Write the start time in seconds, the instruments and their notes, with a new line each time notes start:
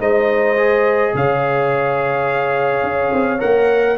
0.00 tuba G#3, trombone D#4, horn C5, trumpet D#5
0.57 trombone G#4
1.14 tuba C#3, horn C#5, trumpet F5
2.83 tuba C#4
3.12 tuba C4
3.39 tuba A#3, trombone A#4, trumpet F#5